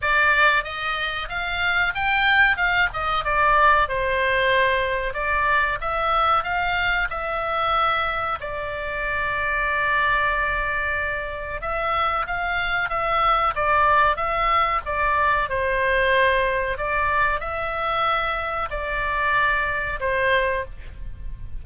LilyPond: \new Staff \with { instrumentName = "oboe" } { \time 4/4 \tempo 4 = 93 d''4 dis''4 f''4 g''4 | f''8 dis''8 d''4 c''2 | d''4 e''4 f''4 e''4~ | e''4 d''2.~ |
d''2 e''4 f''4 | e''4 d''4 e''4 d''4 | c''2 d''4 e''4~ | e''4 d''2 c''4 | }